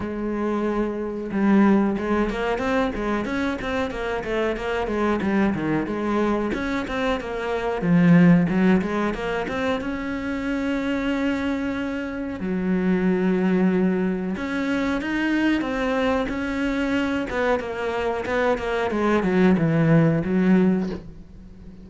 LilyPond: \new Staff \with { instrumentName = "cello" } { \time 4/4 \tempo 4 = 92 gis2 g4 gis8 ais8 | c'8 gis8 cis'8 c'8 ais8 a8 ais8 gis8 | g8 dis8 gis4 cis'8 c'8 ais4 | f4 fis8 gis8 ais8 c'8 cis'4~ |
cis'2. fis4~ | fis2 cis'4 dis'4 | c'4 cis'4. b8 ais4 | b8 ais8 gis8 fis8 e4 fis4 | }